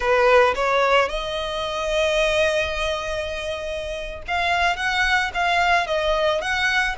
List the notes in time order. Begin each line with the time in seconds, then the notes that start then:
0.00 B4
0.55 C#5
1.08 D#5
4.27 F5
4.76 F#5
5.34 F5
5.87 D#5
6.41 F#5